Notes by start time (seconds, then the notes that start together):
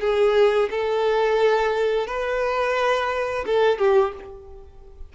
0.00 G#4
0.70 A4
2.07 B4
3.46 A4
3.78 G4